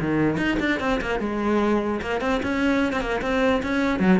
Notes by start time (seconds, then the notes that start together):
0.00 D#3
0.37 D#4
0.59 D4
0.80 C4
1.01 A#3
1.19 G#3
2.01 A#3
2.21 C4
2.43 C#4
2.92 C4
3.00 A#3
3.21 C4
3.63 C#4
3.99 F#3